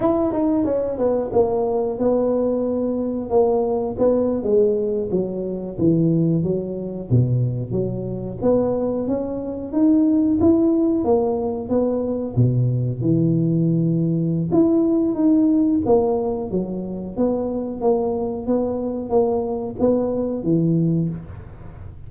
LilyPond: \new Staff \with { instrumentName = "tuba" } { \time 4/4 \tempo 4 = 91 e'8 dis'8 cis'8 b8 ais4 b4~ | b4 ais4 b8. gis4 fis16~ | fis8. e4 fis4 b,4 fis16~ | fis8. b4 cis'4 dis'4 e'16~ |
e'8. ais4 b4 b,4 e16~ | e2 e'4 dis'4 | ais4 fis4 b4 ais4 | b4 ais4 b4 e4 | }